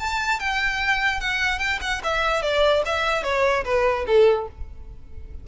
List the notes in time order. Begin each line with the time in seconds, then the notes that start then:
0.00 A5
0.40 G5
1.21 F#5
1.59 G5
1.82 F#5
2.04 E5
2.42 D5
2.86 E5
3.24 C#5
3.65 B4
4.07 A4